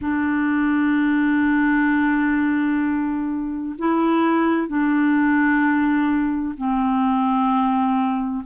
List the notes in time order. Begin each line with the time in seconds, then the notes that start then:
0.01 D4
3.78 E4
4.67 D4
6.57 C4